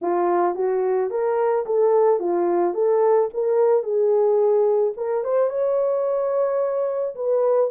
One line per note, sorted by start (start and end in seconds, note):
0.01 0.55 F4
0.55 1.10 F#4
1.10 1.65 A#4
1.65 2.19 A4
2.19 2.74 F4
2.74 3.29 A4
3.33 3.83 A#4
3.83 4.93 G#4
4.96 5.24 A#4
5.24 5.49 C5
5.49 7.14 C#5
7.15 7.70 B4